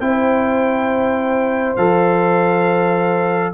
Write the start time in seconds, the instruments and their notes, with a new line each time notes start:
0.00 tuba C4, trombone E4, horn C5, trumpet G5
1.76 tuba F3, trombone A4, trumpet F5